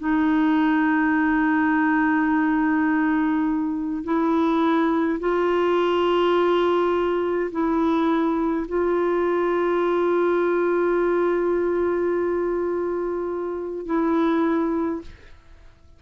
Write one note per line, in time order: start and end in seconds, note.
0.00 4.04 D#4
4.04 5.19 E4
5.20 7.51 F4
7.52 8.67 E4
8.68 13.86 F4
13.86 15.02 E4